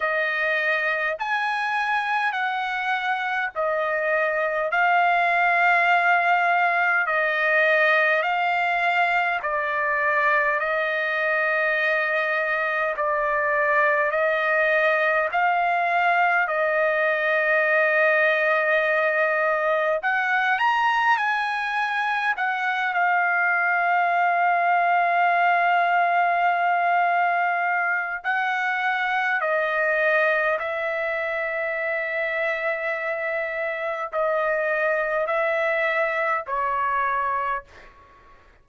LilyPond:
\new Staff \with { instrumentName = "trumpet" } { \time 4/4 \tempo 4 = 51 dis''4 gis''4 fis''4 dis''4 | f''2 dis''4 f''4 | d''4 dis''2 d''4 | dis''4 f''4 dis''2~ |
dis''4 fis''8 ais''8 gis''4 fis''8 f''8~ | f''1 | fis''4 dis''4 e''2~ | e''4 dis''4 e''4 cis''4 | }